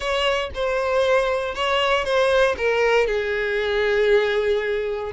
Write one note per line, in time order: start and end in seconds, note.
0.00 0.50 C#5
0.54 1.55 C5
1.55 2.04 C#5
2.04 2.55 C5
2.57 3.07 A#4
3.07 5.12 G#4